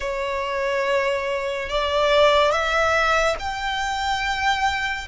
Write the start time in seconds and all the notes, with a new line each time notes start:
0.00 C#5
1.69 D5
2.51 E5
3.39 G5